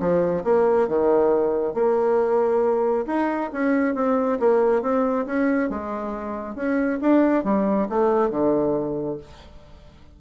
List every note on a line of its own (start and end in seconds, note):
0.00 0.44 F3
0.44 0.88 A#3
0.88 1.74 D#3
1.74 3.06 A#3
3.07 3.50 D#4
3.53 3.95 C#4
3.95 4.39 C4
4.40 4.82 A#3
4.82 5.26 C4
5.26 5.70 C#4
5.70 6.55 G#3
6.55 6.99 C#4
7.01 7.44 D4
7.44 7.88 G3
7.89 8.30 A3
8.30 9.18 D3